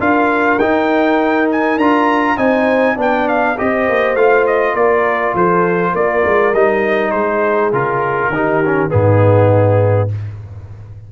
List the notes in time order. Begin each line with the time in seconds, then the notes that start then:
0.00 D4 F4 A#4 F5
0.59 D#4 G5
1.51 G#5
1.78 D4 F4 A#5
2.37 C4 D#4 C5 G#5
2.95 B3 D4 D5
3.01 G5
3.28 F5
3.58 C4 G4 C5 D#5
3.89 A#3
4.15 A3 F4 F5
4.47 D#5
4.74 A#3 A#4 D5
5.34 F3 A4 C5
5.92 A#3 A#4 D5
6.25 G#3
6.54 G3 D#4 D#5
7.11 G#3 G#4 C5
7.73 C#3 F4 A#4
8.30 D#3 D#4 G4
8.66 C#4
8.89 G#2 B3 D#4 G#4